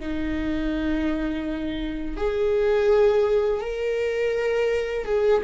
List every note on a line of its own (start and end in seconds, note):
0.00 2.17 D#4
2.17 3.61 G#4
3.61 5.06 A#4
5.06 5.42 G#4